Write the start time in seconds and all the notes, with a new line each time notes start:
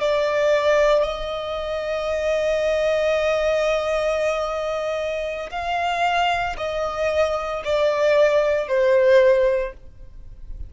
0.00 D5
1.02 D#5
5.51 F5
6.57 D#5
7.65 D5
8.68 C5